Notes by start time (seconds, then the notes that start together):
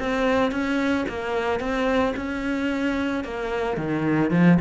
0.00 C4
0.52 C#4
1.09 A#3
1.60 C4
2.17 C#4
3.24 A#3
3.77 D#3
4.31 F3